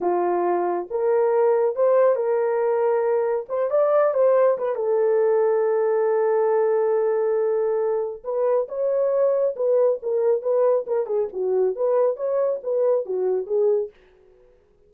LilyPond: \new Staff \with { instrumentName = "horn" } { \time 4/4 \tempo 4 = 138 f'2 ais'2 | c''4 ais'2. | c''8 d''4 c''4 b'8 a'4~ | a'1~ |
a'2. b'4 | cis''2 b'4 ais'4 | b'4 ais'8 gis'8 fis'4 b'4 | cis''4 b'4 fis'4 gis'4 | }